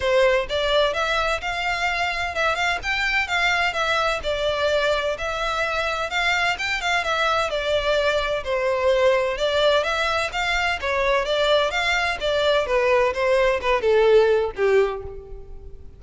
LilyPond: \new Staff \with { instrumentName = "violin" } { \time 4/4 \tempo 4 = 128 c''4 d''4 e''4 f''4~ | f''4 e''8 f''8 g''4 f''4 | e''4 d''2 e''4~ | e''4 f''4 g''8 f''8 e''4 |
d''2 c''2 | d''4 e''4 f''4 cis''4 | d''4 f''4 d''4 b'4 | c''4 b'8 a'4. g'4 | }